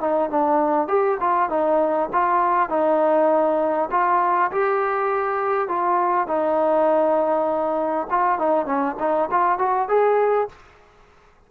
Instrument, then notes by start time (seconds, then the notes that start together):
trombone
0.00 D#4
0.30 D4
0.88 G4
1.20 F4
1.49 D#4
2.12 F4
2.69 D#4
3.91 F4
4.51 G4
5.68 F4
6.27 D#4
8.10 F4
8.39 D#4
8.66 C#4
8.99 D#4
9.31 F4
9.59 F#4
9.89 G#4